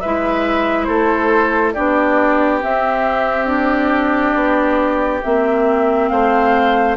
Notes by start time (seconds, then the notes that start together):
0.00 G#3 E4 B4 E5
0.84 A3 A4 C5
1.73 B3 D4 G4 D5
2.61 C4 E5
3.46 D4 D5
4.34 B3
5.23 A#3 C4 E5
6.08 A3 C5 F5